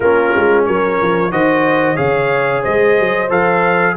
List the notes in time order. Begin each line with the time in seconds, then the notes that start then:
0.00 A#3 C#4 F4 A#4
0.35 G#3
0.65 F#3 A#4 C#5
1.02 F3
1.31 D#3 F#4 C5 D#5
1.95 C#3 G#4 C#5 F5
2.61 G#3 C5 D#5
2.99 F#3
3.29 F3 A4 F5